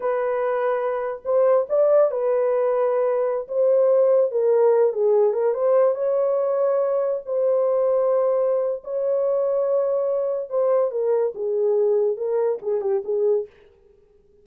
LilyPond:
\new Staff \with { instrumentName = "horn" } { \time 4/4 \tempo 4 = 143 b'2. c''4 | d''4 b'2.~ | b'16 c''2 ais'4. gis'16~ | gis'8. ais'8 c''4 cis''4.~ cis''16~ |
cis''4~ cis''16 c''2~ c''8.~ | c''4 cis''2.~ | cis''4 c''4 ais'4 gis'4~ | gis'4 ais'4 gis'8 g'8 gis'4 | }